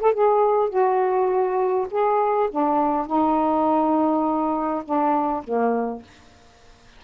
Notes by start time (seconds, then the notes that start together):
0.00 A4
0.13 G#4
0.69 F#4
1.90 G#4
2.50 D4
3.06 D#4
4.84 D4
5.43 A#3